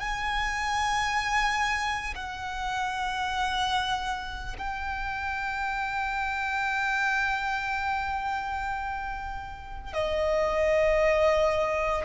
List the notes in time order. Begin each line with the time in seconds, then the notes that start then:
0.00 G#5
2.15 F#5
4.58 G5
9.94 D#5